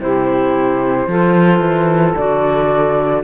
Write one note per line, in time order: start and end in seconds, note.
0.00 1.07 C3
0.00 1.07 E4
0.00 1.08 G4
0.00 2.15 C5
1.07 1.60 F3
1.07 2.17 F4
1.07 3.22 A4
1.60 2.14 E3
2.15 3.24 D3
2.15 3.24 F#4
2.15 3.23 D5